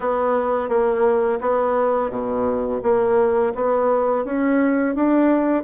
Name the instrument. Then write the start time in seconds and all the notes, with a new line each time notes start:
bassoon
0.00 B3
0.68 A#3
1.41 B3
2.10 B2
2.82 A#3
3.55 B3
4.24 C#4
4.95 D4